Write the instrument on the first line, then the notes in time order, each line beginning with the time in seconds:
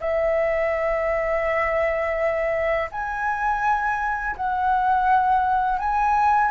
flute
0.00 E5
2.91 G#5
4.36 F#5
5.78 G#5